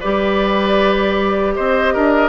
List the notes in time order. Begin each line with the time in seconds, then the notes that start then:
0.00 G3 G4 B4 D5
1.55 C4 C5 D#5
1.94 D4 A#4